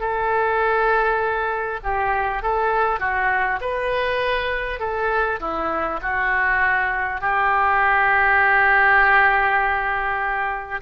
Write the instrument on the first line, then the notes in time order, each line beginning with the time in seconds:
oboe
0.00 A4
1.83 G4
2.42 A4
2.99 F#4
3.60 B4
4.79 A4
5.39 E4
6.02 F#4
7.20 G4